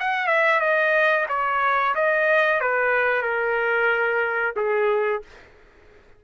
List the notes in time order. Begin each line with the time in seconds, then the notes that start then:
0.00 F#5
0.27 E5
0.60 D#5
1.29 C#5
1.95 D#5
2.61 B4
3.22 A#4
4.57 G#4